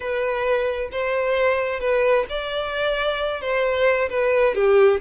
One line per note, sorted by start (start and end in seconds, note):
0.00 0.89 B4
0.91 1.80 C5
1.80 2.25 B4
2.29 3.41 D5
3.41 4.09 C5
4.09 4.55 B4
4.55 5.00 G4